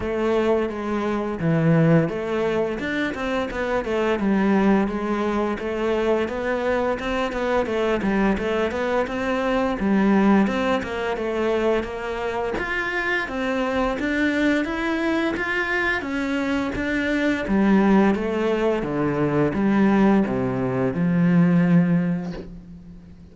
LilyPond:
\new Staff \with { instrumentName = "cello" } { \time 4/4 \tempo 4 = 86 a4 gis4 e4 a4 | d'8 c'8 b8 a8 g4 gis4 | a4 b4 c'8 b8 a8 g8 | a8 b8 c'4 g4 c'8 ais8 |
a4 ais4 f'4 c'4 | d'4 e'4 f'4 cis'4 | d'4 g4 a4 d4 | g4 c4 f2 | }